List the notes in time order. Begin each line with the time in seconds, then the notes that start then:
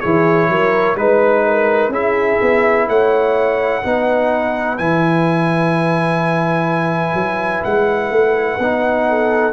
0.00 E3 E4 G#4 C#5
0.48 F#3 A#4
0.95 G#3 D#4 B4
1.45 A#4
1.89 C#4 E4 G#4 E5
2.41 B3
2.87 A3 C#5 F#5
3.82 B3 D#4 B4
4.77 E3 E4 G#5
7.13 F#3
7.63 G#3 F#5
8.10 A3
8.58 B3 D#4
9.08 A4